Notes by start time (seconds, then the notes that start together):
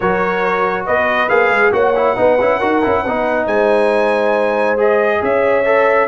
0.00 F#3 F#4 A#4 C#5
0.86 B3 B4 D#5
1.28 A#3 G#4 F5
1.50 G#3
1.72 A#3 F#4 C#5 F#5
1.95 E4
2.16 B3 D#4 B4
2.40 C#4 E4
2.58 D#4 F#4 A#4
2.83 C#4 E4
3.02 B3 D#4 B4
3.46 G#3 C5 G#5
4.77 G#4 D#5
5.22 C#4 C#5 E5
5.64 A4